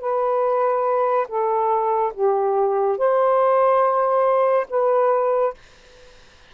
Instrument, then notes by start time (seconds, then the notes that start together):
saxophone
0.00 B4
1.28 A4
2.13 G4
2.97 C5
4.69 B4